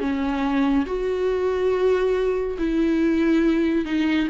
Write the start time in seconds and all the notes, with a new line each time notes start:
0.00 C#4
0.86 F#4
2.59 E4
3.85 D#4